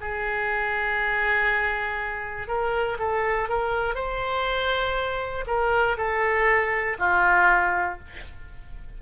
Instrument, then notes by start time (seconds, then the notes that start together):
oboe
0.00 G#4
2.47 A#4
2.98 A4
3.49 A#4
3.95 C5
5.46 A#4
5.97 A4
6.98 F4